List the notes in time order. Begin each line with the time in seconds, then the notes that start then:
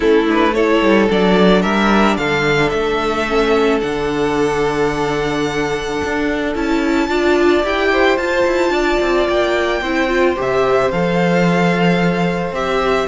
0.00 A3 C#4 E4 A4
0.26 D4 B4
0.54 E4 A4 C#5
0.81 G3
1.10 F#3 D4 D5
1.62 G3 A#4 E5
2.17 D3 A4 F5
2.69 A3 E5
3.28 C#4
3.80 D3 D4 F#5
6.04 D4
6.54 C#4 E4 A5
7.08 D4 F4 D5
7.63 E4 G4 G5
7.92 C5
8.17 F4 A5
8.46 E4
8.69 D4 D5
9.00 C4
9.28 A#3 G5
9.81 C4 E4 C5
10.08 F4
10.35 C3 G4 E5
10.91 F3 A4 F5
12.51 C4 G4 E5